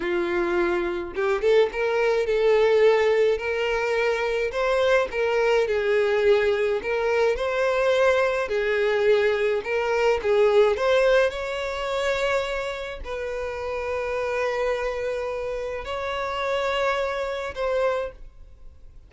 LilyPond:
\new Staff \with { instrumentName = "violin" } { \time 4/4 \tempo 4 = 106 f'2 g'8 a'8 ais'4 | a'2 ais'2 | c''4 ais'4 gis'2 | ais'4 c''2 gis'4~ |
gis'4 ais'4 gis'4 c''4 | cis''2. b'4~ | b'1 | cis''2. c''4 | }